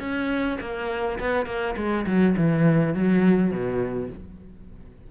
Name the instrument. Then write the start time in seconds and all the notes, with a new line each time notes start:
cello
0.00 C#4
0.61 A#3
1.19 B3
1.46 A#3
1.77 G#3
2.07 F#3
2.37 E3
2.95 F#3
3.51 B2